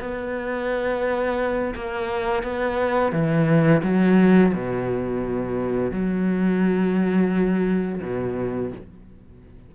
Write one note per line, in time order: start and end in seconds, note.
0.00 1.74 B3
1.75 2.43 A#3
2.43 3.12 B3
3.12 3.82 E3
3.83 4.53 F#3
4.53 5.92 B2
5.92 8.01 F#3
8.02 8.72 B2